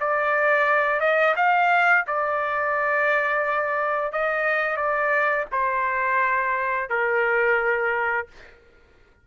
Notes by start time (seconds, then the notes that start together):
0.00 D5
1.00 D#5
1.36 F5
2.07 D5
4.12 D#5
4.76 D5
5.51 C5
6.89 A#4